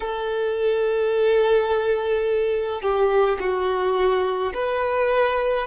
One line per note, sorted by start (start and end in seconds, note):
0.00 2.81 A4
2.81 3.38 G4
3.39 4.52 F#4
4.53 5.67 B4